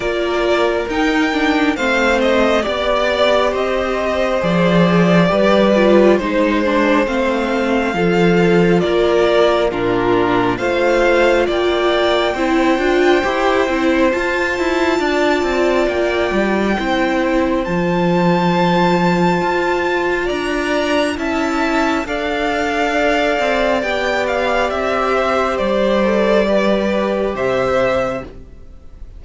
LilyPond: <<
  \new Staff \with { instrumentName = "violin" } { \time 4/4 \tempo 4 = 68 d''4 g''4 f''8 dis''8 d''4 | dis''4 d''2 c''4 | f''2 d''4 ais'4 | f''4 g''2. |
a''2 g''2 | a''2. ais''4 | a''4 f''2 g''8 f''8 | e''4 d''2 e''4 | }
  \new Staff \with { instrumentName = "violin" } { \time 4/4 ais'2 c''4 d''4 | c''2 b'4 c''4~ | c''4 a'4 ais'4 f'4 | c''4 d''4 c''2~ |
c''4 d''2 c''4~ | c''2. d''4 | e''4 d''2.~ | d''8 c''4. b'4 c''4 | }
  \new Staff \with { instrumentName = "viola" } { \time 4/4 f'4 dis'8 d'8 c'4 g'4~ | g'4 gis'4 g'8 f'8 dis'8 d'8 | c'4 f'2 d'4 | f'2 e'8 f'8 g'8 e'8 |
f'2. e'4 | f'1 | e'4 a'2 g'4~ | g'4. a'8 g'2 | }
  \new Staff \with { instrumentName = "cello" } { \time 4/4 ais4 dis'4 a4 b4 | c'4 f4 g4 gis4 | a4 f4 ais4 ais,4 | a4 ais4 c'8 d'8 e'8 c'8 |
f'8 e'8 d'8 c'8 ais8 g8 c'4 | f2 f'4 d'4 | cis'4 d'4. c'8 b4 | c'4 g2 c4 | }
>>